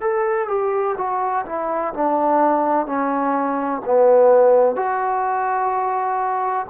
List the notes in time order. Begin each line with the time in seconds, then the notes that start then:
0.00 A4
0.48 G4
0.97 F#4
1.45 E4
1.93 D4
2.86 C#4
3.84 B3
4.75 F#4